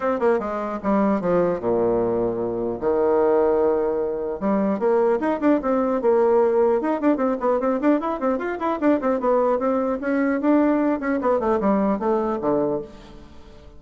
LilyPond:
\new Staff \with { instrumentName = "bassoon" } { \time 4/4 \tempo 4 = 150 c'8 ais8 gis4 g4 f4 | ais,2. dis4~ | dis2. g4 | ais4 dis'8 d'8 c'4 ais4~ |
ais4 dis'8 d'8 c'8 b8 c'8 d'8 | e'8 c'8 f'8 e'8 d'8 c'8 b4 | c'4 cis'4 d'4. cis'8 | b8 a8 g4 a4 d4 | }